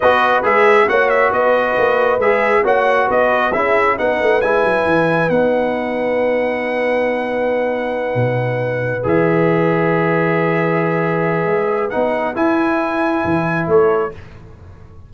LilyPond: <<
  \new Staff \with { instrumentName = "trumpet" } { \time 4/4 \tempo 4 = 136 dis''4 e''4 fis''8 e''8 dis''4~ | dis''4 e''4 fis''4 dis''4 | e''4 fis''4 gis''2 | fis''1~ |
fis''1~ | fis''8 e''2.~ e''8~ | e''2. fis''4 | gis''2. cis''4 | }
  \new Staff \with { instrumentName = "horn" } { \time 4/4 b'2 cis''4 b'4~ | b'2 cis''4 b'4 | gis'4 b'2.~ | b'1~ |
b'1~ | b'1~ | b'1~ | b'2. a'4 | }
  \new Staff \with { instrumentName = "trombone" } { \time 4/4 fis'4 gis'4 fis'2~ | fis'4 gis'4 fis'2 | e'4 dis'4 e'2 | dis'1~ |
dis'1~ | dis'8 gis'2.~ gis'8~ | gis'2. dis'4 | e'1 | }
  \new Staff \with { instrumentName = "tuba" } { \time 4/4 b4 gis4 ais4 b4 | ais4 gis4 ais4 b4 | cis'4 b8 a8 gis8 fis8 e4 | b1~ |
b2~ b8 b,4.~ | b,8 e2.~ e8~ | e2 gis4 b4 | e'2 e4 a4 | }
>>